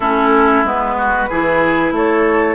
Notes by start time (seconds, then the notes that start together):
0.00 A3 C#4 E4 A4
0.63 G#3 B3 B4
0.97 F#4
1.29 E3 E4 G#4
1.91 A3 A4 C#5